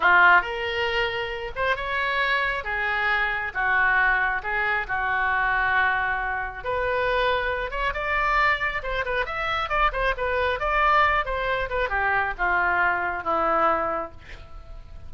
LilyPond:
\new Staff \with { instrumentName = "oboe" } { \time 4/4 \tempo 4 = 136 f'4 ais'2~ ais'8 c''8 | cis''2 gis'2 | fis'2 gis'4 fis'4~ | fis'2. b'4~ |
b'4. cis''8 d''2 | c''8 b'8 e''4 d''8 c''8 b'4 | d''4. c''4 b'8 g'4 | f'2 e'2 | }